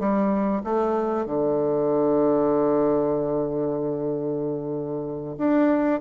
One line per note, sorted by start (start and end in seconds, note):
0.00 0.63 G3
0.64 1.26 A3
1.26 5.37 D3
5.38 6.01 D4